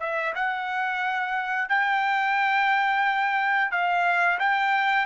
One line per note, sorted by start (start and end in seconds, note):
0.00 0.34 E5
0.35 1.69 F#5
1.69 3.72 G5
3.72 4.39 F5
4.40 5.06 G5